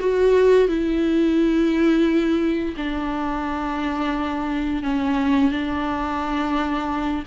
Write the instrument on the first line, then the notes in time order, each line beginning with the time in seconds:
viola
0.00 F#4
0.68 E4
2.77 D4
4.83 C#4
5.51 D4